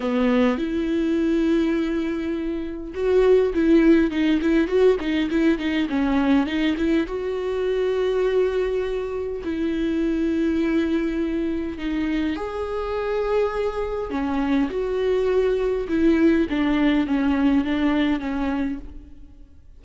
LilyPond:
\new Staff \with { instrumentName = "viola" } { \time 4/4 \tempo 4 = 102 b4 e'2.~ | e'4 fis'4 e'4 dis'8 e'8 | fis'8 dis'8 e'8 dis'8 cis'4 dis'8 e'8 | fis'1 |
e'1 | dis'4 gis'2. | cis'4 fis'2 e'4 | d'4 cis'4 d'4 cis'4 | }